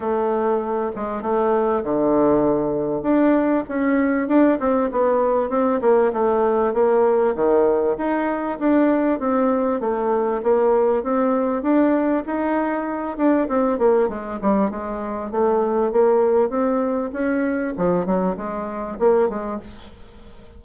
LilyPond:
\new Staff \with { instrumentName = "bassoon" } { \time 4/4 \tempo 4 = 98 a4. gis8 a4 d4~ | d4 d'4 cis'4 d'8 c'8 | b4 c'8 ais8 a4 ais4 | dis4 dis'4 d'4 c'4 |
a4 ais4 c'4 d'4 | dis'4. d'8 c'8 ais8 gis8 g8 | gis4 a4 ais4 c'4 | cis'4 f8 fis8 gis4 ais8 gis8 | }